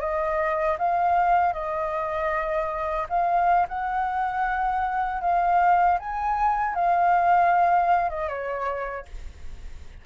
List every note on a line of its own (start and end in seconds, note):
0.00 0.77 D#5
0.78 1.53 F5
1.53 3.07 D#5
3.09 3.66 F5
3.68 5.21 F#5
5.21 5.98 F5
5.99 6.74 G#5
6.74 8.09 F5
8.09 8.28 D#5
8.28 9.05 C#5